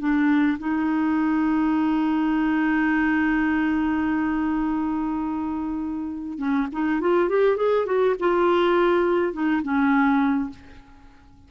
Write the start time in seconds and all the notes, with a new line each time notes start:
0.00 D4
0.59 D#4
6.39 C#4
6.73 D#4
7.01 F4
7.29 G4
7.57 G#4
7.86 F#4
8.20 F4
9.33 D#4
9.63 C#4